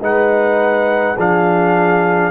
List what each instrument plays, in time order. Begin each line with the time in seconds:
0.00 tuba G#3, trombone D#4, horn B4, trumpet F#5
1.16 tuba F3, trombone D4, horn G#4, trumpet F5